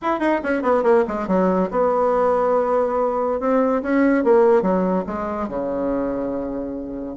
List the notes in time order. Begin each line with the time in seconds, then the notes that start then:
0.02 E4
0.19 D#4
0.43 C#4
0.62 B3
0.83 A#3
1.07 G#3
1.27 F#3
1.70 B3
3.39 C4
3.82 C#4
4.23 A#3
4.62 F#3
5.06 G#3
5.48 C#3